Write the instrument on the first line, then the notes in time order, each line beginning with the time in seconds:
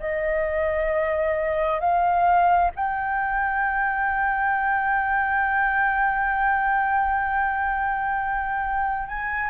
flute
0.00 D#5
1.80 F5
2.76 G5
9.08 G#5